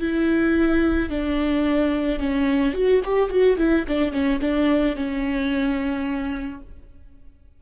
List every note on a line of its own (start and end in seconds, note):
0.00 1.10 E4
1.10 2.20 D4
2.20 2.74 C#4
2.74 3.02 F#4
3.05 3.30 G4
3.30 3.57 F#4
3.58 3.86 E4
3.88 4.13 D4
4.13 4.40 C#4
4.41 4.96 D4
4.96 6.61 C#4